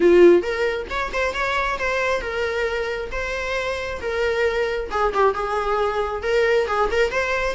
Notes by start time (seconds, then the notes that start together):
0.00 F4
0.42 A#4
0.89 C#5
1.12 C5
1.34 C#5
1.78 C5
2.21 A#4
3.11 C5
4.01 A#4
4.91 G#4
5.14 G4
5.34 G#4
6.23 A#4
6.67 G#4
6.91 A#4
7.11 C5